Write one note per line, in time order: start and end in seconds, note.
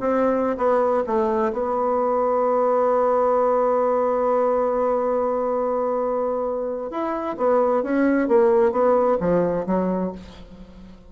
0.00 0.57 C4
0.57 1.03 B3
1.07 1.52 A3
1.53 6.91 B3
6.91 7.36 E4
7.38 7.83 B3
7.83 8.28 C#4
8.28 8.72 A#3
8.72 9.18 B3
9.20 9.66 F3
9.66 10.12 F#3